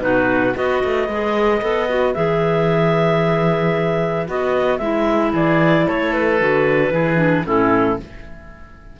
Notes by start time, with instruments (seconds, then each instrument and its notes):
0.00 cello B2, clarinet D#4 B4, oboe F#4
0.55 cello B3, clarinet F#4 D#5, oboe B4
0.84 cello A3
1.08 cello G#3, clarinet G#4
1.61 cello B3, clarinet A4
1.89 clarinet F#4
2.14 cello E3, clarinet G#4 E5
4.27 cello B3, clarinet F#4 D#5
4.78 cello G#3, clarinet E4 E5
5.32 cello E3, oboe G#4, clarinet D5
5.87 cello A3, oboe A4, clarinet C#5
6.13 clarinet B4
6.39 cello D3, clarinet F#4
6.91 cello E3, clarinet E4, oboe G#4
7.17 clarinet D4
7.45 cello A2, clarinet C#4 A4, oboe E4